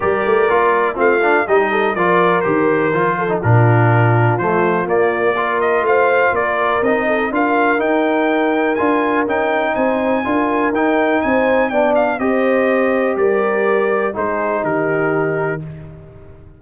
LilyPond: <<
  \new Staff \with { instrumentName = "trumpet" } { \time 4/4 \tempo 4 = 123 d''2 f''4 dis''4 | d''4 c''2 ais'4~ | ais'4 c''4 d''4. dis''8 | f''4 d''4 dis''4 f''4 |
g''2 gis''4 g''4 | gis''2 g''4 gis''4 | g''8 f''8 dis''2 d''4~ | d''4 c''4 ais'2 | }
  \new Staff \with { instrumentName = "horn" } { \time 4/4 ais'2 f'4 g'8 a'8 | ais'2~ ais'8 a'8 f'4~ | f'2. ais'4 | c''4 ais'4. a'8 ais'4~ |
ais'1 | c''4 ais'2 c''4 | d''4 c''2 ais'4~ | ais'4 gis'4 g'2 | }
  \new Staff \with { instrumentName = "trombone" } { \time 4/4 g'4 f'4 c'8 d'8 dis'4 | f'4 g'4 f'8. dis'16 d'4~ | d'4 a4 ais4 f'4~ | f'2 dis'4 f'4 |
dis'2 f'4 dis'4~ | dis'4 f'4 dis'2 | d'4 g'2.~ | g'4 dis'2. | }
  \new Staff \with { instrumentName = "tuba" } { \time 4/4 g8 a8 ais4 a4 g4 | f4 dis4 f4 ais,4~ | ais,4 f4 ais2 | a4 ais4 c'4 d'4 |
dis'2 d'4 cis'4 | c'4 d'4 dis'4 c'4 | b4 c'2 g4~ | g4 gis4 dis2 | }
>>